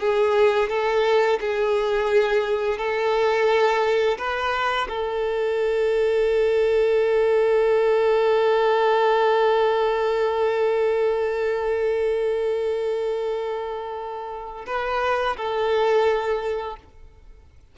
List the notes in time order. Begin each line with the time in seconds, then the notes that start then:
0.00 G#4
0.69 A4
1.40 G#4
2.78 A4
4.18 B4
4.89 A4
14.66 B4
15.36 A4